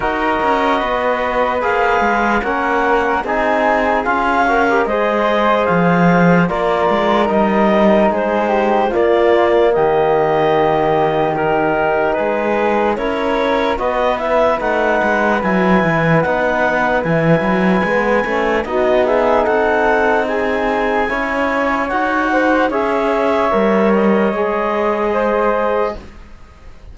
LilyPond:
<<
  \new Staff \with { instrumentName = "clarinet" } { \time 4/4 \tempo 4 = 74 dis''2 f''4 fis''4 | gis''4 f''4 dis''4 f''4 | d''4 dis''4 c''4 d''4 | dis''2 ais'4 b'4 |
cis''4 dis''8 e''8 fis''4 gis''4 | fis''4 gis''2 dis''8 e''8 | fis''4 gis''2 fis''4 | e''4. dis''2~ dis''8 | }
  \new Staff \with { instrumentName = "flute" } { \time 4/4 ais'4 b'2 ais'4 | gis'4. ais'8 c''2 | ais'2 gis'8 g'8 f'4 | g'2. gis'4 |
ais'4 b'2.~ | b'2. fis'8 gis'8 | a'4 gis'4 cis''4. c''8 | cis''2. c''4 | }
  \new Staff \with { instrumentName = "trombone" } { \time 4/4 fis'2 gis'4 cis'4 | dis'4 f'8 fis'16 g'16 gis'2 | f'4 dis'2 ais4~ | ais2 dis'2 |
e'4 fis'8 e'8 dis'4 e'4 | dis'4 e'4 b8 cis'8 dis'4~ | dis'2 e'4 fis'4 | gis'4 ais'4 gis'2 | }
  \new Staff \with { instrumentName = "cello" } { \time 4/4 dis'8 cis'8 b4 ais8 gis8 ais4 | c'4 cis'4 gis4 f4 | ais8 gis8 g4 gis4 ais4 | dis2. gis4 |
cis'4 b4 a8 gis8 fis8 e8 | b4 e8 fis8 gis8 a8 b4 | c'2 cis'4 dis'4 | cis'4 g4 gis2 | }
>>